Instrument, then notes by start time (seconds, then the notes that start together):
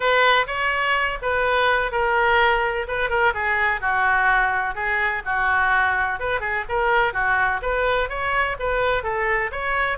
oboe
0.00 B4
0.47 C#5
1.22 B4
1.91 A#4
2.87 B4
3.09 A#4
3.33 G#4
3.80 F#4
4.74 G#4
5.25 F#4
6.19 B4
6.40 G#4
6.69 A#4
7.13 F#4
7.62 B4
8.09 C#5
8.59 B4
9.03 A4
9.51 C#5